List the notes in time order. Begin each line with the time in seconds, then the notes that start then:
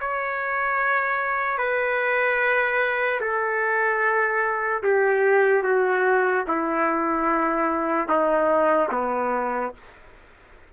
0.00 C#5
1.58 B4
3.21 A4
4.83 G4
5.63 F#4
6.47 E4
8.09 D#4
8.92 B3